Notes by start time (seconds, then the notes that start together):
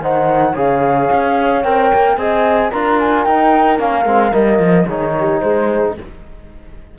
0.00 D#3 D#4 C5 F#5
0.52 C#3 G#4 C#5 F5
1.11 C#4
1.63 C4 A#4 G5
1.94 A#3
2.16 C4 G#4 D#5 G#5
2.71 D4 F4 A#4 A#5
2.99 G#5
3.24 D#4 G5
3.78 A#3 C#4 F5
4.05 G#3 C4
4.31 G3 A#3 D#5
4.59 F3
4.87 D#3 D#4 G#4 C#5
5.19 G4
5.40 G#3 G#4 C5